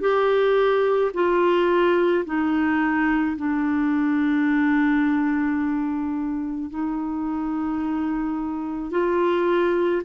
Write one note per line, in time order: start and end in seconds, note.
0.00 1.11 G4
1.13 2.24 F4
2.25 3.36 D#4
3.37 6.70 D4
6.70 8.91 D#4
8.91 10.02 F4